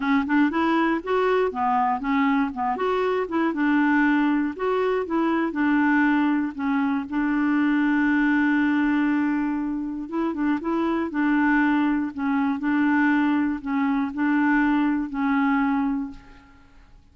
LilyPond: \new Staff \with { instrumentName = "clarinet" } { \time 4/4 \tempo 4 = 119 cis'8 d'8 e'4 fis'4 b4 | cis'4 b8 fis'4 e'8 d'4~ | d'4 fis'4 e'4 d'4~ | d'4 cis'4 d'2~ |
d'1 | e'8 d'8 e'4 d'2 | cis'4 d'2 cis'4 | d'2 cis'2 | }